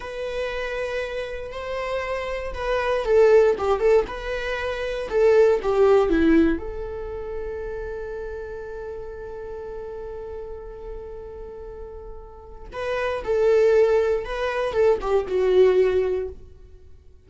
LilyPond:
\new Staff \with { instrumentName = "viola" } { \time 4/4 \tempo 4 = 118 b'2. c''4~ | c''4 b'4 a'4 g'8 a'8 | b'2 a'4 g'4 | e'4 a'2.~ |
a'1~ | a'1~ | a'4 b'4 a'2 | b'4 a'8 g'8 fis'2 | }